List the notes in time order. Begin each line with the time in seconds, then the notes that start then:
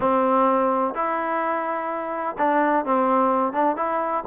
0.00 C4
0.94 E4
2.38 D4
2.85 C4
3.52 D4
3.76 E4